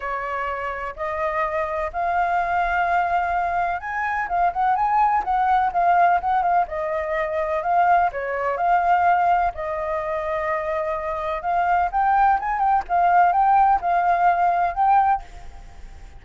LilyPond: \new Staff \with { instrumentName = "flute" } { \time 4/4 \tempo 4 = 126 cis''2 dis''2 | f''1 | gis''4 f''8 fis''8 gis''4 fis''4 | f''4 fis''8 f''8 dis''2 |
f''4 cis''4 f''2 | dis''1 | f''4 g''4 gis''8 g''8 f''4 | g''4 f''2 g''4 | }